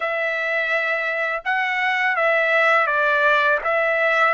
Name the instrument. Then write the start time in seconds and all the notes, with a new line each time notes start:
trumpet
0.00 E5
1.44 F#5
2.16 E5
2.86 D5
3.64 E5